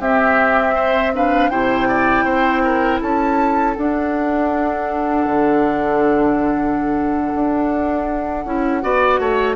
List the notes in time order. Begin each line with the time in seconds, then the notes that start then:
0.00 C4 G4 E5
0.75 C5
1.14 D4 B4 F5
1.50 C3 E4 C5 G5
1.88 D5
2.25 C4 C5
2.64 A#4
3.01 C#4 A4 A5
3.75 D4 F#5
5.26 D3
7.35 D4
8.45 C#4 E4
8.82 B3 F#4 D5
9.19 A3 C#5